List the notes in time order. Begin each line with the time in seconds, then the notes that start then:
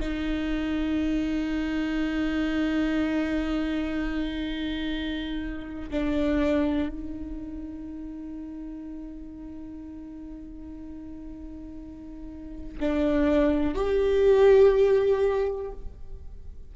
0.00 D#4
5.91 D4
6.89 D#4
12.80 D4
13.74 G4